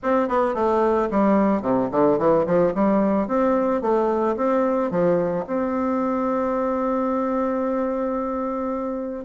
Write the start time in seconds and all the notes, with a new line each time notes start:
0.02 C4
0.28 B3
0.54 A3
1.11 G3
1.62 C3
1.91 D3
2.18 E3
2.46 F3
2.74 G3
3.27 C4
3.81 A3
4.36 C4
4.90 F3
5.46 C4